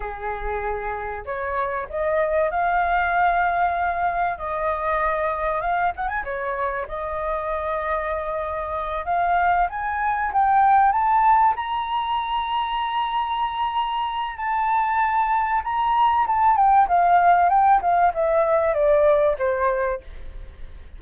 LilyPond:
\new Staff \with { instrumentName = "flute" } { \time 4/4 \tempo 4 = 96 gis'2 cis''4 dis''4 | f''2. dis''4~ | dis''4 f''8 fis''16 gis''16 cis''4 dis''4~ | dis''2~ dis''8 f''4 gis''8~ |
gis''8 g''4 a''4 ais''4.~ | ais''2. a''4~ | a''4 ais''4 a''8 g''8 f''4 | g''8 f''8 e''4 d''4 c''4 | }